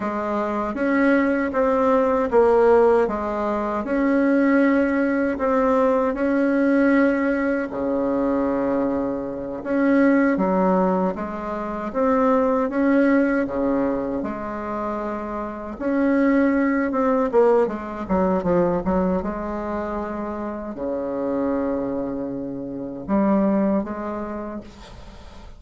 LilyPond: \new Staff \with { instrumentName = "bassoon" } { \time 4/4 \tempo 4 = 78 gis4 cis'4 c'4 ais4 | gis4 cis'2 c'4 | cis'2 cis2~ | cis8 cis'4 fis4 gis4 c'8~ |
c'8 cis'4 cis4 gis4.~ | gis8 cis'4. c'8 ais8 gis8 fis8 | f8 fis8 gis2 cis4~ | cis2 g4 gis4 | }